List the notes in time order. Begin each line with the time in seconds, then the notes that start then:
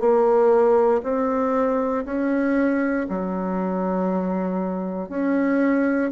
0.00 A#3
1.03 C4
2.05 C#4
3.09 F#3
5.09 C#4